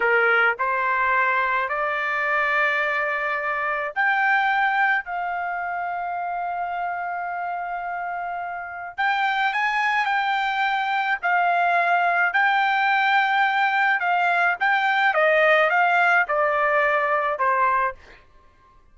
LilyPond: \new Staff \with { instrumentName = "trumpet" } { \time 4/4 \tempo 4 = 107 ais'4 c''2 d''4~ | d''2. g''4~ | g''4 f''2.~ | f''1 |
g''4 gis''4 g''2 | f''2 g''2~ | g''4 f''4 g''4 dis''4 | f''4 d''2 c''4 | }